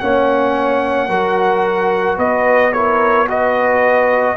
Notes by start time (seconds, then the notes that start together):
0.00 A#3 C#4 C#5 F#5
1.09 F#3 F#4 A#4
2.17 B3 B4 D#5
2.73 E4 A#4 C#5
3.28 F#4 B4 D#5